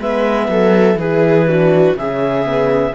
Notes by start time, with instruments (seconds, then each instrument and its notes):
0.00 cello G#3, horn B3, viola B4, clarinet E5
0.49 cello F#3, viola A4
0.96 cello E3, horn E4, viola G#4, clarinet B4
1.48 horn D4, viola F#4
1.94 cello C#3, horn C#4, viola G#4, clarinet E5
2.45 horn B3